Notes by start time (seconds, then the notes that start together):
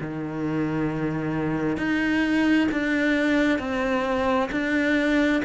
0.00 D#3
1.77 D#4
2.71 D4
3.59 C4
4.51 D4